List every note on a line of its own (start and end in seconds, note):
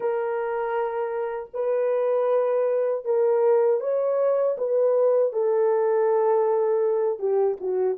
0.00 1.49 A#4
1.53 3.04 B4
3.04 3.80 A#4
3.80 4.56 C#5
4.57 5.33 B4
5.33 7.19 A4
7.19 7.57 G4
7.60 7.98 F#4